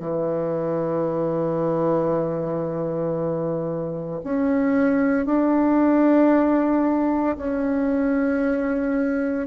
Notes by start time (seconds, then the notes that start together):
0.00 E3
4.24 C#4
5.26 D4
7.37 C#4